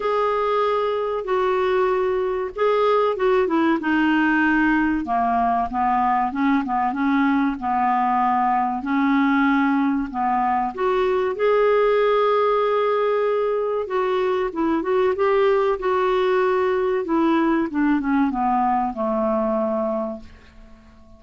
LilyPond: \new Staff \with { instrumentName = "clarinet" } { \time 4/4 \tempo 4 = 95 gis'2 fis'2 | gis'4 fis'8 e'8 dis'2 | ais4 b4 cis'8 b8 cis'4 | b2 cis'2 |
b4 fis'4 gis'2~ | gis'2 fis'4 e'8 fis'8 | g'4 fis'2 e'4 | d'8 cis'8 b4 a2 | }